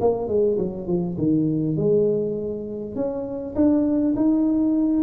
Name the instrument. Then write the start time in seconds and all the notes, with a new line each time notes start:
tuba
0.00 A#3
0.28 G#3
0.58 F#3
0.87 F3
1.17 D#3
1.76 G#3
2.95 C#4
3.55 D4
4.16 D#4